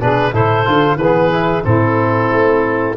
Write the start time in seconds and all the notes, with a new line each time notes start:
0.00 B2 D4 G#4 B4
0.31 A2 E4 A4 C5
0.66 D3 F4
0.96 E3 G#4 B4
1.02 B3
1.31 E4
1.64 A2 C4 E4 A4
2.31 A3